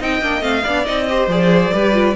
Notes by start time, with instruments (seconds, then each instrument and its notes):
0.00 cello C4, viola D#4, violin D#5 G5
0.22 cello A#3, viola D4
0.41 cello A3, viola C4, violin F5
0.64 cello B3, viola D4, violin D5
0.85 cello C4, viola D#4, violin D#5
1.09 viola G4, violin C5
1.28 cello F3, viola G#4, violin D5
1.73 cello G3, viola G4, violin B4
1.94 viola F4